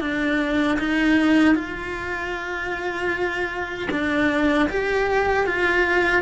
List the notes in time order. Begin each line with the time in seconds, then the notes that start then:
0.00 D4
0.79 D#4
1.54 F4
3.91 D4
4.69 G4
5.46 F4